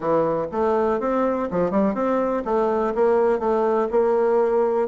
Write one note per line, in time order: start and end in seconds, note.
0.00 0.46 E3
0.51 1.00 A3
1.00 1.48 C4
1.50 1.70 F3
1.70 1.94 G3
1.94 2.43 C4
2.45 2.93 A3
2.94 3.39 A#3
3.39 3.88 A3
3.90 4.88 A#3